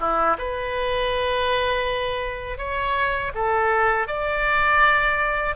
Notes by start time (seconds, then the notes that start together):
0.00 E4
0.38 B4
2.58 C#5
3.35 A4
4.07 D5